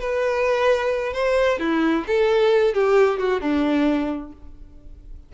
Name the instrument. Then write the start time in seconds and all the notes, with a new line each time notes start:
violin
0.00 B4
1.13 C5
1.59 E4
2.07 A4
2.74 G4
3.19 F#4
3.41 D4